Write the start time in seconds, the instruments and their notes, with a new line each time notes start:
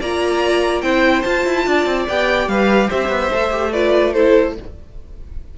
0.00 cello A#3, viola F4, violin D5 A#5
0.81 cello C4, viola E4, violin C5 G5
1.22 cello F4, viola F4, violin A5
1.46 cello E4
1.66 cello D4, violin D5
1.86 cello C4
2.08 cello B3, viola G4, violin G5
2.47 cello G3, violin B4 F5
2.88 cello C4, violin C5 E5
3.08 cello B3
3.32 cello A3, viola A4
3.51 viola G4
3.72 viola F4, violin B4 D5
4.13 viola E4, violin A4 C5